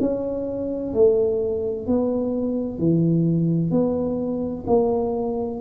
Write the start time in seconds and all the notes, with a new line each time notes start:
0.00 C#4
0.94 A3
1.87 B3
2.79 E3
3.71 B3
4.67 A#3